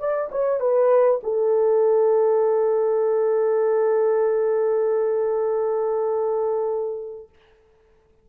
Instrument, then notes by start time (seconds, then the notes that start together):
horn
0.00 D5
0.32 C#5
0.60 B4
1.24 A4